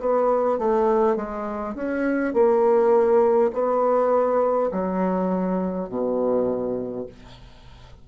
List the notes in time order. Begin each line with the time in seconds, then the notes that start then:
0.00 B3
0.58 A3
1.17 G#3
1.75 C#4
2.34 A#3
3.53 B3
4.72 F#3
5.89 B2